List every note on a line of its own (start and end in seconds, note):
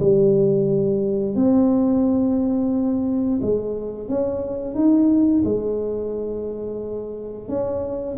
0.00 1.36 G3
1.36 3.40 C4
3.42 4.09 G#3
4.09 4.75 C#4
4.75 5.43 D#4
5.45 7.49 G#3
7.49 8.17 C#4